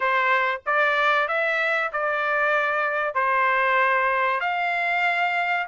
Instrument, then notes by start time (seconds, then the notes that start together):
trumpet
0.00 C5
0.66 D5
1.27 E5
1.92 D5
3.14 C5
4.40 F5